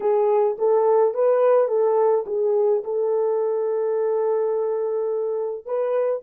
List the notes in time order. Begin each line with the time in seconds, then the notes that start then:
0.00 G#4
0.58 A4
1.14 B4
1.68 A4
2.26 G#4
2.84 A4
5.65 B4